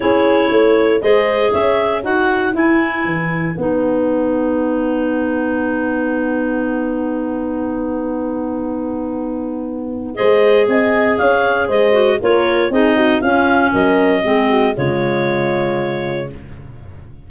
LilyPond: <<
  \new Staff \with { instrumentName = "clarinet" } { \time 4/4 \tempo 4 = 118 cis''2 dis''4 e''4 | fis''4 gis''2 fis''4~ | fis''1~ | fis''1~ |
fis''1 | dis''4 gis''4 f''4 dis''4 | cis''4 dis''4 f''4 dis''4~ | dis''4 cis''2. | }
  \new Staff \with { instrumentName = "horn" } { \time 4/4 gis'4 cis''4 c''4 cis''4 | b'1~ | b'1~ | b'1~ |
b'1 | c''4 dis''4 cis''4 c''4 | ais'4 gis'8 fis'8 f'4 ais'4 | gis'8 fis'8 f'2. | }
  \new Staff \with { instrumentName = "clarinet" } { \time 4/4 e'2 gis'2 | fis'4 e'2 dis'4~ | dis'1~ | dis'1~ |
dis'1 | gis'2.~ gis'8 fis'8 | f'4 dis'4 cis'2 | c'4 gis2. | }
  \new Staff \with { instrumentName = "tuba" } { \time 4/4 cis'4 a4 gis4 cis'4 | dis'4 e'4 e4 b4~ | b1~ | b1~ |
b1 | gis4 c'4 cis'4 gis4 | ais4 c'4 cis'4 fis4 | gis4 cis2. | }
>>